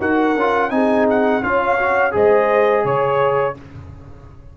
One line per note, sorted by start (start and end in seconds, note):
0.00 0.35 D#4
0.00 0.36 F#4
0.00 0.72 A#4
0.00 0.71 F#5
0.35 0.71 C#4
0.35 0.71 F4
0.71 1.42 C4
0.71 1.42 D#4
0.71 1.43 G#4
0.71 1.06 G#5
1.10 1.43 F#5
1.43 2.15 C#4
1.43 1.79 F4
1.43 2.15 C#5
1.43 2.15 F5
1.79 2.12 F#4
2.12 2.85 G#3
2.12 3.55 G#4
2.12 2.85 C5
2.12 2.86 D#5
2.85 3.56 C#3
2.85 3.57 C#5